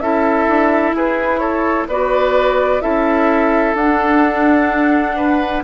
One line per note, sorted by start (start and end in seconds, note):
0.00 0.47 C#4
0.00 1.90 E4
0.00 0.96 A4
0.00 0.94 E5
0.49 0.92 D4
0.92 1.86 E4
0.92 1.40 G#4
0.92 1.39 B4
1.39 1.87 A4
1.39 1.86 C#5
1.88 2.82 B3
1.88 2.81 F#4
1.88 2.83 B4
1.88 2.81 D5
2.81 3.75 C#4
2.81 3.75 E4
2.81 5.17 A4
2.81 3.75 E5
3.75 5.62 D4
3.75 5.64 F#5
3.81 5.64 D4
5.17 5.64 B4